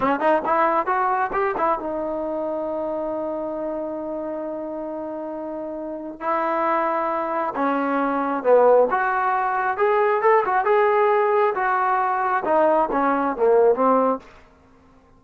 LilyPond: \new Staff \with { instrumentName = "trombone" } { \time 4/4 \tempo 4 = 135 cis'8 dis'8 e'4 fis'4 g'8 e'8 | dis'1~ | dis'1~ | dis'2 e'2~ |
e'4 cis'2 b4 | fis'2 gis'4 a'8 fis'8 | gis'2 fis'2 | dis'4 cis'4 ais4 c'4 | }